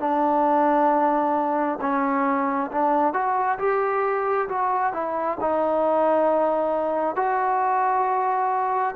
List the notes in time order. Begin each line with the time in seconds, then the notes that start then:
0.00 D4
1.81 C#4
2.72 D4
3.14 F#4
3.59 G4
4.49 F#4
4.93 E4
5.41 D#4
7.16 F#4